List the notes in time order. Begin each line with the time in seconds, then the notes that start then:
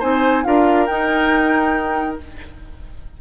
0.00 C4 D#4 C5 G#5
0.44 D4 F4 A#4 F5
0.87 D#4 G5